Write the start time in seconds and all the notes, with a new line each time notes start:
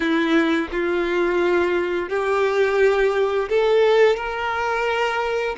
0.00 E4
0.71 F4
2.09 G4
3.49 A4
4.16 A#4